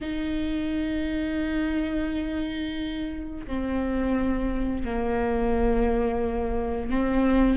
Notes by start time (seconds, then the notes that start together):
0.01 D#4
3.46 C4
4.84 A#3
6.90 C4